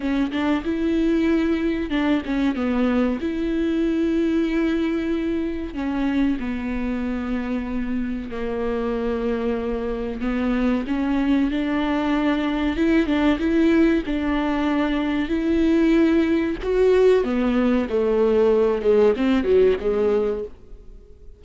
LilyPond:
\new Staff \with { instrumentName = "viola" } { \time 4/4 \tempo 4 = 94 cis'8 d'8 e'2 d'8 cis'8 | b4 e'2.~ | e'4 cis'4 b2~ | b4 ais2. |
b4 cis'4 d'2 | e'8 d'8 e'4 d'2 | e'2 fis'4 b4 | a4. gis8 c'8 fis8 gis4 | }